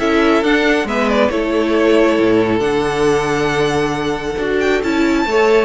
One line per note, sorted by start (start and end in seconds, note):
0.00 0.43 C#4
0.00 0.44 E4
0.00 0.88 A4
0.00 0.44 E5
0.43 0.85 D4
0.43 0.88 D4
0.43 0.88 F#5
0.85 1.29 G#3
0.85 1.31 B3
0.85 1.32 B4
0.85 1.10 E5
1.10 1.30 D5
1.30 2.19 A3
1.30 2.60 E4
1.30 5.26 A4
1.30 2.60 C#5
2.19 2.60 A2
2.60 4.36 D3
2.60 4.35 D4
2.60 4.57 F#5
4.39 4.82 D4
4.39 4.83 F#4
4.61 4.82 G5
4.83 5.25 C#4
4.83 5.28 E4
4.83 5.66 A5
5.25 5.66 A3
5.25 5.66 A4
5.25 5.66 C#5